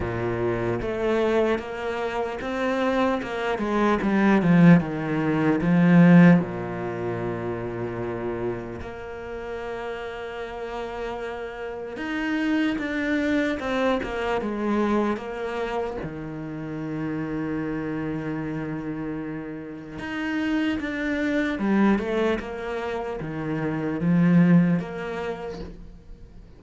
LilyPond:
\new Staff \with { instrumentName = "cello" } { \time 4/4 \tempo 4 = 75 ais,4 a4 ais4 c'4 | ais8 gis8 g8 f8 dis4 f4 | ais,2. ais4~ | ais2. dis'4 |
d'4 c'8 ais8 gis4 ais4 | dis1~ | dis4 dis'4 d'4 g8 a8 | ais4 dis4 f4 ais4 | }